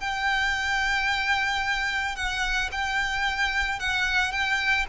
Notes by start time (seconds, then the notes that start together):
0.00 G5
2.15 F#5
2.72 G5
3.79 F#5
4.32 G5